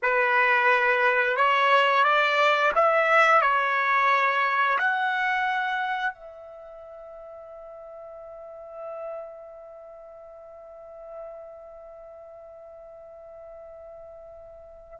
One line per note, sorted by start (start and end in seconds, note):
0.02 1.36 B4
1.36 2.04 C#5
2.04 2.72 D5
2.75 3.41 E5
3.41 4.78 C#5
4.78 6.14 F#5
6.14 14.99 E5